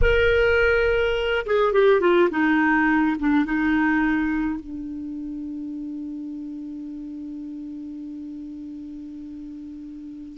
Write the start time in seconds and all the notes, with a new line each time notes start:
0.01 A#4
1.46 G#4
1.72 G4
2.00 F4
2.30 D#4
3.19 D4
3.45 D#4
4.60 D4